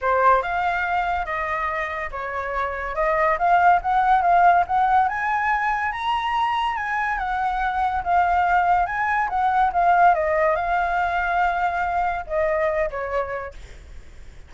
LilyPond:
\new Staff \with { instrumentName = "flute" } { \time 4/4 \tempo 4 = 142 c''4 f''2 dis''4~ | dis''4 cis''2 dis''4 | f''4 fis''4 f''4 fis''4 | gis''2 ais''2 |
gis''4 fis''2 f''4~ | f''4 gis''4 fis''4 f''4 | dis''4 f''2.~ | f''4 dis''4. cis''4. | }